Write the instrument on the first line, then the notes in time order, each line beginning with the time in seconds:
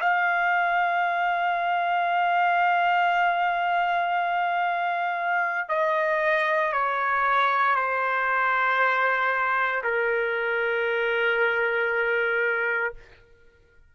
trumpet
0.00 F5
5.69 D#5
6.72 C#5
7.75 C5
9.83 A#4